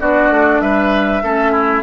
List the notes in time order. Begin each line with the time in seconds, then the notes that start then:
0.00 B3 D4 F#4 D5
0.29 A3
0.60 G3 B4 E5
1.23 A3 C#4 A4
1.52 E4